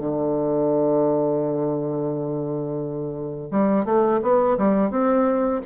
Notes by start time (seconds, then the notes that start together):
0.00 D3
3.51 G3
3.85 A3
4.23 B3
4.58 G3
4.91 C4